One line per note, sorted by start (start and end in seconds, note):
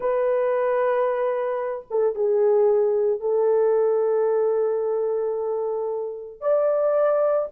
0.00 1.85 B4
1.90 2.15 A4
2.15 3.20 G#4
3.20 6.40 A4
6.40 7.48 D5